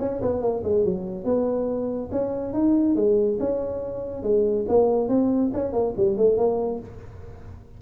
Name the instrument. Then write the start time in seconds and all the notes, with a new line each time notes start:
tuba
0.00 C#4
0.22 B3
0.42 A#3
0.64 G#3
0.85 F#3
1.25 B3
2.12 C#4
2.54 D#4
2.96 G#3
3.40 C#4
4.23 G#3
4.69 A#3
5.09 C4
5.54 C#4
5.73 A#3
5.97 G3
6.18 A3
6.37 A#3